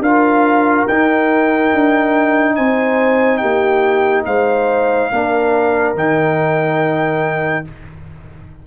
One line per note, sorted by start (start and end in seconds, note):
0.00 0.85 D4
0.00 0.88 F4
0.00 2.55 A#4
0.00 0.87 F5
0.87 1.73 D#4
0.87 5.12 D#4
0.87 2.55 G5
1.73 2.58 D4
2.55 3.42 C4
2.55 3.40 C5
2.55 3.37 G#5
3.37 4.26 A#3
3.37 4.25 G4
3.37 4.22 G5
4.26 5.11 G#3
4.26 5.11 C5
4.26 5.95 F5
5.12 5.95 A#3
5.12 5.96 D4
5.12 7.67 A#4
5.95 7.64 D#3
5.95 7.65 D#4
5.95 7.66 G5